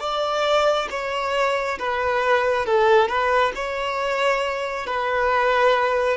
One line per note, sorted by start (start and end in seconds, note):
0.00 0.88 D5
0.90 1.78 C#5
1.78 2.66 B4
2.66 3.08 A4
3.08 3.53 B4
3.55 4.86 C#5
4.86 6.17 B4